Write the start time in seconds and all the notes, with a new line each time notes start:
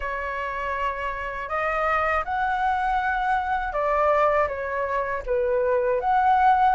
0.00 C#5
1.48 D#5
2.25 F#5
3.72 D5
4.48 C#5
5.26 B4
6.00 F#5